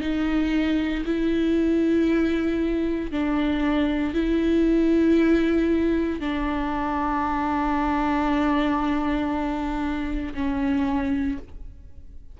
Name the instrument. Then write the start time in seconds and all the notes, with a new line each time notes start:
viola
0.00 D#4
1.05 E4
3.11 D4
4.14 E4
6.20 D4
10.34 C#4